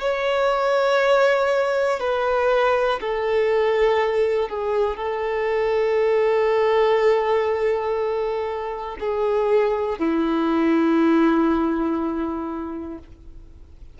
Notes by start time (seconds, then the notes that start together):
0.00 C#5
2.00 B4
3.00 A4
4.49 G#4
4.96 A4
8.99 G#4
9.99 E4